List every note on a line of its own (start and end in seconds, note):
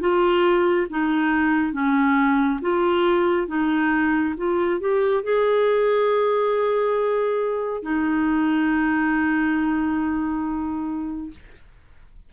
0.00 0.87 F4
0.90 1.73 D#4
1.73 2.60 C#4
2.62 3.47 F4
3.47 4.34 D#4
4.37 4.80 F4
4.80 5.23 G4
5.23 7.83 G#4
7.83 11.30 D#4